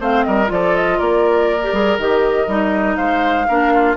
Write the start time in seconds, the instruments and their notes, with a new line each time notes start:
0.00 bassoon A3, clarinet C4, oboe C5, flute F5
0.24 bassoon G3, oboe A#4, flute D#5
0.46 bassoon F3, clarinet F4, flute D5
0.53 oboe A4
0.75 flute D#5
0.98 bassoon A#3, oboe A#4, flute D5
1.63 clarinet G4
1.72 bassoon G3, clarinet G#4
1.98 bassoon D#3, clarinet G4, flute D#5
2.47 bassoon G3, clarinet D#4
2.96 bassoon G#3, oboe C5, flute F5
3.48 bassoon A#3, clarinet D4, oboe A#4
3.74 oboe F4